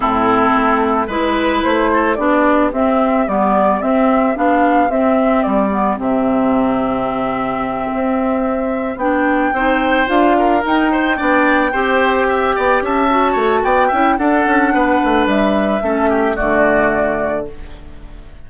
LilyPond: <<
  \new Staff \with { instrumentName = "flute" } { \time 4/4 \tempo 4 = 110 a'2 b'4 c''4 | d''4 e''4 d''4 e''4 | f''4 e''4 d''4 e''4~ | e''1~ |
e''8 g''2 f''4 g''8~ | g''2.~ g''8 a''8~ | a''4 g''4 fis''2 | e''2 d''2 | }
  \new Staff \with { instrumentName = "oboe" } { \time 4/4 e'2 b'4. a'8 | g'1~ | g'1~ | g'1~ |
g'4. c''4. ais'4 | c''8 d''4 c''4 e''8 d''8 e''8~ | e''8 cis''8 d''8 e''8 a'4 b'4~ | b'4 a'8 g'8 fis'2 | }
  \new Staff \with { instrumentName = "clarinet" } { \time 4/4 c'2 e'2 | d'4 c'4 b4 c'4 | d'4 c'4. b8 c'4~ | c'1~ |
c'8 d'4 dis'4 f'4 dis'8~ | dis'8 d'4 g'2~ g'8 | fis'4. e'8 d'2~ | d'4 cis'4 a2 | }
  \new Staff \with { instrumentName = "bassoon" } { \time 4/4 a,4 a4 gis4 a4 | b4 c'4 g4 c'4 | b4 c'4 g4 c4~ | c2~ c8 c'4.~ |
c'8 b4 c'4 d'4 dis'8~ | dis'8 b4 c'4. b8 cis'8~ | cis'8 a8 b8 cis'8 d'8 cis'8 b8 a8 | g4 a4 d2 | }
>>